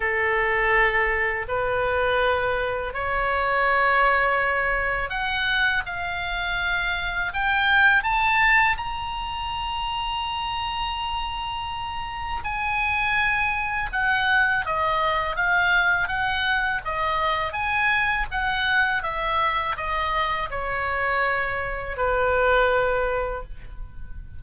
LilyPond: \new Staff \with { instrumentName = "oboe" } { \time 4/4 \tempo 4 = 82 a'2 b'2 | cis''2. fis''4 | f''2 g''4 a''4 | ais''1~ |
ais''4 gis''2 fis''4 | dis''4 f''4 fis''4 dis''4 | gis''4 fis''4 e''4 dis''4 | cis''2 b'2 | }